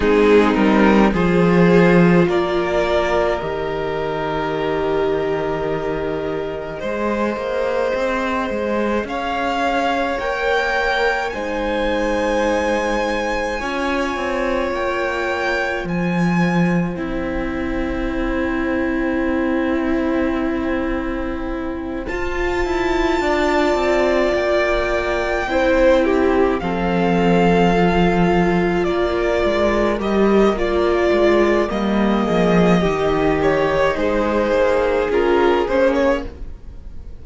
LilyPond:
<<
  \new Staff \with { instrumentName = "violin" } { \time 4/4 \tempo 4 = 53 gis'8 ais'8 c''4 d''4 dis''4~ | dis''1 | f''4 g''4 gis''2~ | gis''4 g''4 gis''4 g''4~ |
g''2.~ g''8 a''8~ | a''4. g''2 f''8~ | f''4. d''4 dis''8 d''4 | dis''4. cis''8 c''4 ais'8 c''16 cis''16 | }
  \new Staff \with { instrumentName = "violin" } { \time 4/4 dis'4 gis'4 ais'2~ | ais'2 c''2 | cis''2 c''2 | cis''2 c''2~ |
c''1~ | c''8 d''2 c''8 g'8 a'8~ | a'4. ais'2~ ais'8~ | ais'8 gis'8 g'4 gis'2 | }
  \new Staff \with { instrumentName = "viola" } { \time 4/4 c'4 f'2 g'4~ | g'2 gis'2~ | gis'4 ais'4 dis'2 | f'2. e'4~ |
e'2.~ e'8 f'8~ | f'2~ f'8 e'4 c'8~ | c'8 f'2 g'8 f'4 | ais4 dis'2 f'8 cis'8 | }
  \new Staff \with { instrumentName = "cello" } { \time 4/4 gis8 g8 f4 ais4 dis4~ | dis2 gis8 ais8 c'8 gis8 | cis'4 ais4 gis2 | cis'8 c'8 ais4 f4 c'4~ |
c'2.~ c'8 f'8 | e'8 d'8 c'8 ais4 c'4 f8~ | f4. ais8 gis8 g8 ais8 gis8 | g8 f8 dis4 gis8 ais8 cis'8 ais8 | }
>>